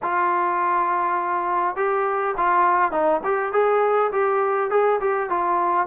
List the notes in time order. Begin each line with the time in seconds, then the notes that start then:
0.02 F4
1.75 G4
2.37 F4
2.91 D#4
3.24 G4
3.52 G#4
4.12 G4
4.70 G#4
5.00 G4
5.29 F4